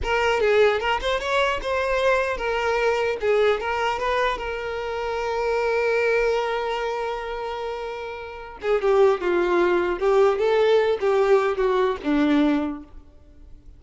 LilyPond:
\new Staff \with { instrumentName = "violin" } { \time 4/4 \tempo 4 = 150 ais'4 gis'4 ais'8 c''8 cis''4 | c''2 ais'2 | gis'4 ais'4 b'4 ais'4~ | ais'1~ |
ais'1~ | ais'4. gis'8 g'4 f'4~ | f'4 g'4 a'4. g'8~ | g'4 fis'4 d'2 | }